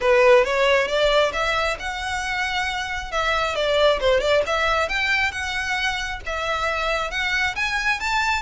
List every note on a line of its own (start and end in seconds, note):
0.00 0.44 B4
0.44 0.87 C#5
0.87 1.32 D5
1.32 1.77 E5
1.79 3.11 F#5
3.11 3.55 E5
3.55 3.99 D5
4.00 4.20 C5
4.20 4.42 D5
4.46 4.88 E5
4.88 5.31 G5
5.31 6.20 F#5
6.25 7.10 E5
7.10 7.55 F#5
7.55 8.00 G#5
8.00 8.42 A5